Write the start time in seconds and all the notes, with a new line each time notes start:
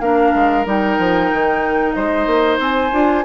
0.00 A#3 D4 A#4 F5
0.35 G#3
0.65 G3 D#4 G5
0.99 F3
1.33 D#3
1.93 G#3 C5 D#5
2.26 A#3
2.58 C4 G#5
2.91 D4 F4